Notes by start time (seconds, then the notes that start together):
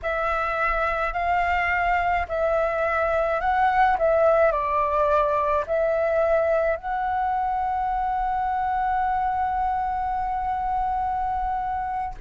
0.02 E5
1.13 F5
2.28 E5
3.40 F#5
3.98 E5
4.51 D5
5.67 E5
6.76 F#5